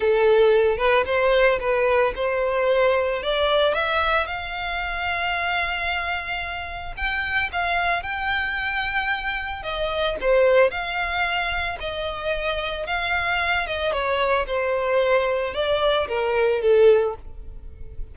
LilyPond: \new Staff \with { instrumentName = "violin" } { \time 4/4 \tempo 4 = 112 a'4. b'8 c''4 b'4 | c''2 d''4 e''4 | f''1~ | f''4 g''4 f''4 g''4~ |
g''2 dis''4 c''4 | f''2 dis''2 | f''4. dis''8 cis''4 c''4~ | c''4 d''4 ais'4 a'4 | }